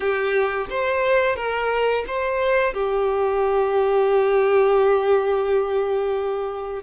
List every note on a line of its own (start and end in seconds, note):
0.00 0.66 G4
0.70 1.36 C5
1.36 2.04 A#4
2.07 2.73 C5
2.73 6.82 G4